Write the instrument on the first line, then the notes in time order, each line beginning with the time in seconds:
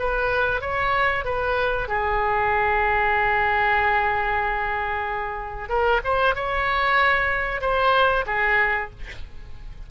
oboe
0.00 B4
0.61 C#5
1.25 B4
1.89 G#4
5.69 A#4
6.05 C5
6.36 C#5
7.62 C5
8.27 G#4